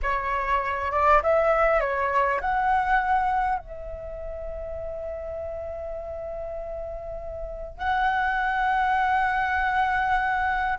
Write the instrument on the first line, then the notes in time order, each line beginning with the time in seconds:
flute
0.02 C#5
0.91 D5
1.22 E5
1.80 C#5
2.40 F#5
3.58 E5
7.78 F#5